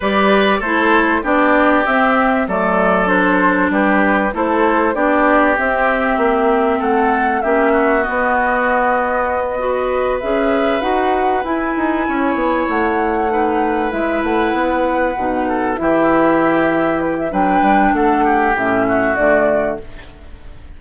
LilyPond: <<
  \new Staff \with { instrumentName = "flute" } { \time 4/4 \tempo 4 = 97 d''4 c''4 d''4 e''4 | d''4 c''4 b'4 c''4 | d''4 e''2 fis''4 | e''4 dis''2.~ |
dis''8 e''4 fis''4 gis''4.~ | gis''8 fis''2 e''8 fis''4~ | fis''4. e''2 b'16 e''16 | g''4 fis''4 e''4 d''4 | }
  \new Staff \with { instrumentName = "oboe" } { \time 4/4 b'4 a'4 g'2 | a'2 g'4 a'4 | g'2. a'4 | g'8 fis'2. b'8~ |
b'2.~ b'8 cis''8~ | cis''4. b'2~ b'8~ | b'4 a'8 g'2~ g'8 | b'4 a'8 g'4 fis'4. | }
  \new Staff \with { instrumentName = "clarinet" } { \time 4/4 g'4 e'4 d'4 c'4 | a4 d'2 e'4 | d'4 c'2. | cis'4 b2~ b8 fis'8~ |
fis'8 gis'4 fis'4 e'4.~ | e'4. dis'4 e'4.~ | e'8 dis'4 e'2~ e'8 | d'2 cis'4 a4 | }
  \new Staff \with { instrumentName = "bassoon" } { \time 4/4 g4 a4 b4 c'4 | fis2 g4 a4 | b4 c'4 ais4 a4 | ais4 b2.~ |
b8 cis'4 dis'4 e'8 dis'8 cis'8 | b8 a2 gis8 a8 b8~ | b8 b,4 e2~ e8 | fis8 g8 a4 a,4 d4 | }
>>